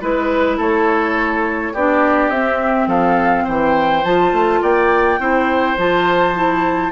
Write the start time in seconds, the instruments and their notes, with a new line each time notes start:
0.00 bassoon G#3, clarinet E4, flute B4, oboe B4
0.57 bassoon A3, oboe A4, flute C#5
1.73 bassoon B3, clarinet D4, oboe G4, flute D5
2.29 bassoon C4, clarinet C4, flute E5
2.87 bassoon F3, oboe A4, flute F5
3.44 bassoon E3, oboe C5, flute G5
4.04 bassoon F3, clarinet F4, flute A5
4.32 bassoon A3
4.62 bassoon A#3, oboe D5, flute G5
5.19 bassoon C4, clarinet E4, oboe C5
5.77 bassoon F3, clarinet F4, flute A5
6.34 clarinet E4